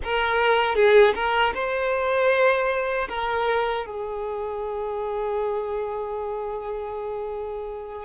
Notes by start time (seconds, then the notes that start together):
0.03 A#4
0.75 G#4
1.14 A#4
1.54 C5
3.08 A#4
3.86 G#4